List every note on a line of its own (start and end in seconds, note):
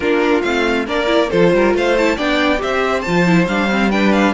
0.00 0.41 A#3
0.00 0.43 D4
0.00 0.86 F4
0.00 0.42 A#4
0.42 0.87 A3
0.42 0.86 C4
0.42 0.85 F5
0.86 1.30 A#3
0.86 1.06 D4
0.86 1.29 A#4
0.86 1.30 D5
1.06 1.28 E4
1.29 1.53 F3
1.29 1.96 F4
1.29 1.51 A4
1.29 1.74 C5
1.53 1.74 G3
1.53 1.76 A#4
1.74 2.17 A3
1.74 2.16 C5
1.74 1.97 F5
1.97 2.17 E4
1.97 2.18 A5
2.16 2.62 B3
2.16 2.57 D4
2.16 2.59 D5
2.16 2.61 G5
2.57 3.06 C4
2.57 3.01 G4
2.57 3.91 C5
2.57 3.01 E5
3.01 3.47 F3
3.01 3.26 F4
3.01 3.44 A5
3.26 3.48 E4
3.47 4.33 G3
3.47 3.69 D4
3.47 3.91 F5
3.69 3.90 C4
3.91 4.33 D4
3.91 4.33 B4
3.91 4.12 G5
4.12 4.33 F5